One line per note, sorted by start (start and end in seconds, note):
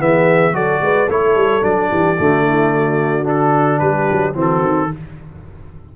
0.00 0.53 E3
0.00 0.53 B3
0.00 0.54 G#4
0.00 0.55 E5
0.53 0.80 F#3
0.53 1.07 F#4
0.53 0.81 A4
0.53 1.09 D5
0.81 1.08 G#3
0.81 1.09 B4
1.09 1.35 A3
1.09 1.61 E4
1.09 1.90 A4
1.09 1.64 C#5
1.35 1.63 G3
1.61 1.90 F#3
1.61 2.16 D4
1.61 3.27 D5
1.90 2.18 E3
1.90 2.18 G4
2.18 3.81 D3
2.18 3.24 A3
2.18 2.45 F#4
2.48 2.74 E4
2.74 3.81 F#4
3.24 4.33 D4
3.24 3.79 A4
3.79 4.08 G3
3.79 4.35 G4
3.79 4.34 B4
4.11 4.35 F#3
4.34 4.62 E3
4.34 4.89 C4
4.34 4.89 F#4
4.41 4.96 A4
4.62 4.89 D#3